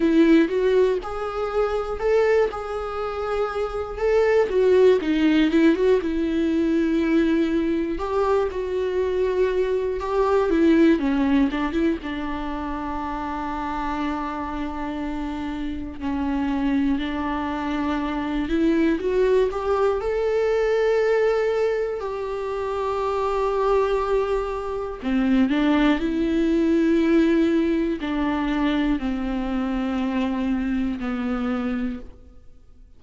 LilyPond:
\new Staff \with { instrumentName = "viola" } { \time 4/4 \tempo 4 = 60 e'8 fis'8 gis'4 a'8 gis'4. | a'8 fis'8 dis'8 e'16 fis'16 e'2 | g'8 fis'4. g'8 e'8 cis'8 d'16 e'16 | d'1 |
cis'4 d'4. e'8 fis'8 g'8 | a'2 g'2~ | g'4 c'8 d'8 e'2 | d'4 c'2 b4 | }